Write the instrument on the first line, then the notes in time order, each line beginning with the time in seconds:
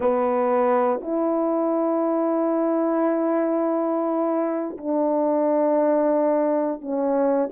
horn
0.00 B3
1.02 E4
4.77 D4
6.81 C#4